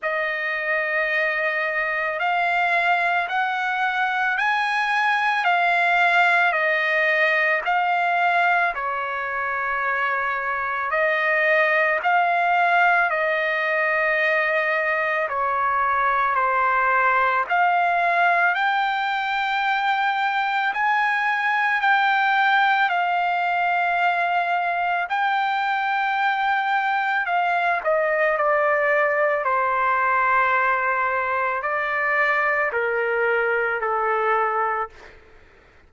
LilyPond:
\new Staff \with { instrumentName = "trumpet" } { \time 4/4 \tempo 4 = 55 dis''2 f''4 fis''4 | gis''4 f''4 dis''4 f''4 | cis''2 dis''4 f''4 | dis''2 cis''4 c''4 |
f''4 g''2 gis''4 | g''4 f''2 g''4~ | g''4 f''8 dis''8 d''4 c''4~ | c''4 d''4 ais'4 a'4 | }